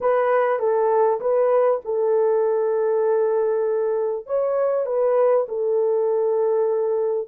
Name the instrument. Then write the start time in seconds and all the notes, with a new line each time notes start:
horn
0.00 B4
0.59 A4
1.20 B4
1.85 A4
4.26 C#5
4.85 B4
5.48 A4